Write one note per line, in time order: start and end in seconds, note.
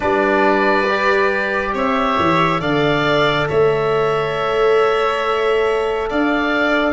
0.00 1.73 G3
0.00 0.86 D4
0.00 1.71 B4
0.00 1.74 D5
0.89 2.60 G4
1.73 2.17 C4
1.73 2.60 C#5
1.73 2.61 E5
2.18 2.60 E3
2.60 3.47 D3
2.60 6.93 A4
2.60 3.47 D5
2.60 3.48 F5
3.48 6.11 A3
3.48 6.09 C#5
3.48 6.09 E5
6.09 6.93 D4
6.09 6.93 D5
6.09 6.93 F5